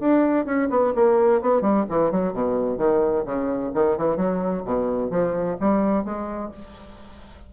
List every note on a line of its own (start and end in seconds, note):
0.00 0.45 D4
0.45 0.68 C#4
0.70 0.93 B3
0.95 1.41 A#3
1.41 1.62 B3
1.62 1.85 G3
1.89 2.11 E3
2.11 2.33 F#3
2.33 2.78 B2
2.78 3.24 D#3
3.25 3.72 C#3
3.74 3.97 D#3
3.97 4.16 E3
4.16 4.63 F#3
4.65 5.11 B2
5.11 5.57 F3
5.60 6.05 G3
6.05 6.51 G#3